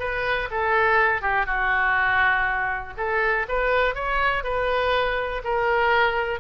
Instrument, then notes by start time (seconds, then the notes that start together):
oboe
0.00 B4
0.51 A4
1.22 G4
1.46 F#4
2.98 A4
3.49 B4
3.95 C#5
4.44 B4
5.45 A#4